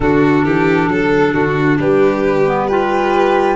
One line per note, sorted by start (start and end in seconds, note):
0.00 0.44 D3
0.00 2.46 D4
0.00 0.44 F#4
0.00 1.77 A4
0.44 0.88 E3
0.44 0.89 G4
0.88 1.33 F#3
0.88 1.33 A4
1.33 1.78 D3
1.33 1.78 F#4
1.79 3.56 G3
1.79 2.67 G4
1.79 2.68 B4
2.46 2.69 B3
2.67 3.56 F4
2.67 3.56 G4
2.67 3.56 B4